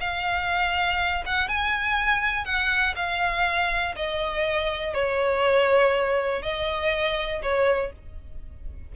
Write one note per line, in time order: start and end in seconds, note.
0.00 1.24 F5
1.26 1.48 F#5
1.48 2.45 G#5
2.45 2.94 F#5
2.96 3.95 F5
3.96 4.94 D#5
4.94 6.42 C#5
6.42 7.41 D#5
7.42 7.92 C#5